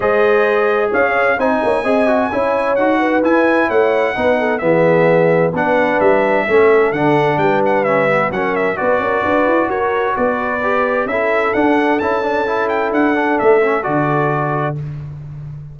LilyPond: <<
  \new Staff \with { instrumentName = "trumpet" } { \time 4/4 \tempo 4 = 130 dis''2 f''4 gis''4~ | gis''2 fis''4 gis''4 | fis''2 e''2 | fis''4 e''2 fis''4 |
g''8 fis''8 e''4 fis''8 e''8 d''4~ | d''4 cis''4 d''2 | e''4 fis''4 a''4. g''8 | fis''4 e''4 d''2 | }
  \new Staff \with { instrumentName = "horn" } { \time 4/4 c''2 cis''4 c''8 cis''8 | dis''4 cis''4. b'4. | cis''4 b'8 a'8 gis'2 | b'2 a'2 |
b'2 ais'4 b'8 ais'8 | b'4 ais'4 b'2 | a'1~ | a'1 | }
  \new Staff \with { instrumentName = "trombone" } { \time 4/4 gis'2. dis'4 | gis'8 fis'8 e'4 fis'4 e'4~ | e'4 dis'4 b2 | d'2 cis'4 d'4~ |
d'4 cis'8 b8 cis'4 fis'4~ | fis'2. g'4 | e'4 d'4 e'8 d'8 e'4~ | e'8 d'4 cis'8 fis'2 | }
  \new Staff \with { instrumentName = "tuba" } { \time 4/4 gis2 cis'4 c'8 ais8 | c'4 cis'4 dis'4 e'4 | a4 b4 e2 | b4 g4 a4 d4 |
g2 fis4 b8 cis'8 | d'8 e'8 fis'4 b2 | cis'4 d'4 cis'2 | d'4 a4 d2 | }
>>